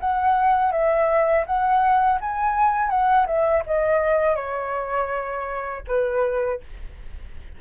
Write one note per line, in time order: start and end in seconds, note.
0.00 0.72 F#5
0.72 1.45 E5
1.46 2.19 F#5
2.20 2.89 G#5
2.89 3.26 F#5
3.26 3.63 E5
3.66 4.35 D#5
4.35 5.82 C#5
5.87 6.60 B4